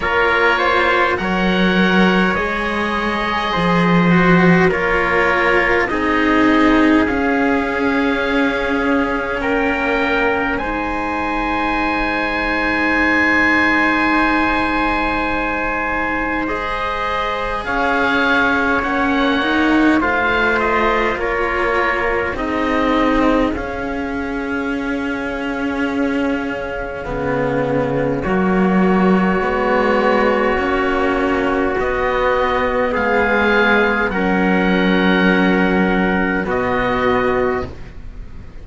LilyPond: <<
  \new Staff \with { instrumentName = "oboe" } { \time 4/4 \tempo 4 = 51 cis''4 fis''4 dis''2 | cis''4 dis''4 f''2 | g''4 gis''2.~ | gis''2 dis''4 f''4 |
fis''4 f''8 dis''8 cis''4 dis''4 | f''1 | cis''2. dis''4 | f''4 fis''2 dis''4 | }
  \new Staff \with { instrumentName = "trumpet" } { \time 4/4 ais'8 c''8 cis''2 c''4 | ais'4 gis'2. | ais'4 c''2.~ | c''2. cis''4~ |
cis''4 c''4 ais'4 gis'4~ | gis'1 | fis'1 | gis'4 ais'2 fis'4 | }
  \new Staff \with { instrumentName = "cello" } { \time 4/4 f'4 ais'4 gis'4. fis'8 | f'4 dis'4 cis'2~ | cis'4 dis'2.~ | dis'2 gis'2 |
cis'8 dis'8 f'2 dis'4 | cis'2. b4 | ais4 b4 cis'4 b4~ | b4 cis'2 b4 | }
  \new Staff \with { instrumentName = "cello" } { \time 4/4 ais4 fis4 gis4 f4 | ais4 c'4 cis'2 | ais4 gis2.~ | gis2. cis'4 |
ais4 a4 ais4 c'4 | cis'2. cis4 | fis4 gis4 ais4 b4 | gis4 fis2 b,4 | }
>>